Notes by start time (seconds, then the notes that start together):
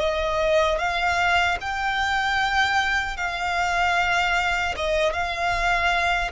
0.00 D#5
0.79 F5
1.61 G5
3.17 F5
4.77 D#5
5.13 F5